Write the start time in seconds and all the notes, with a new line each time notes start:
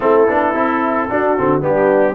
0.00 A3 C4 E4 A4
0.27 B3 D4
0.54 C4 E4
1.10 D4 F#4
1.37 D3 C4
1.61 G3 B3 D4 G4